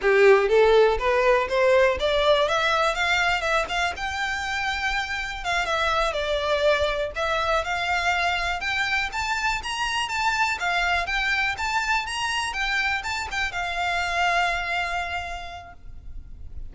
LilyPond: \new Staff \with { instrumentName = "violin" } { \time 4/4 \tempo 4 = 122 g'4 a'4 b'4 c''4 | d''4 e''4 f''4 e''8 f''8 | g''2. f''8 e''8~ | e''8 d''2 e''4 f''8~ |
f''4. g''4 a''4 ais''8~ | ais''8 a''4 f''4 g''4 a''8~ | a''8 ais''4 g''4 a''8 g''8 f''8~ | f''1 | }